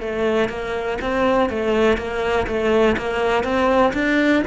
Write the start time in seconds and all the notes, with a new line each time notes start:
0.00 A3
0.49 A#3
1.01 C4
1.49 A3
1.97 A#3
2.47 A3
2.97 A#3
3.43 C4
3.93 D4